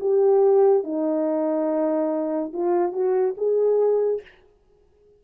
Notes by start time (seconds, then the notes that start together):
0.00 G4
0.83 D#4
2.53 F4
2.92 F#4
3.37 G#4